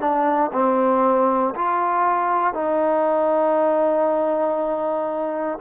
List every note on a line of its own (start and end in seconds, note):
0.00 0.51 D4
0.53 1.54 C4
1.55 2.54 F4
2.54 5.59 D#4